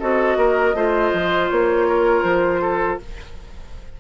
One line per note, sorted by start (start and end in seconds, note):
0.00 0.37 C4
0.00 0.75 F#4
0.00 0.38 A4
0.00 1.50 D#5
0.37 0.74 A#3
0.37 0.76 A#4
0.74 1.11 A3
0.74 3.01 F4
0.74 1.88 C5
1.14 1.51 F3
1.50 2.24 A#3
1.50 2.23 C#5
1.88 2.62 A#4
2.23 2.99 F3
2.23 2.98 C5
2.62 2.99 A4